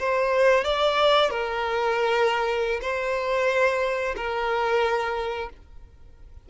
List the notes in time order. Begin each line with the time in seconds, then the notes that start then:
0.00 C5
0.65 D5
1.31 A#4
2.82 C5
4.17 A#4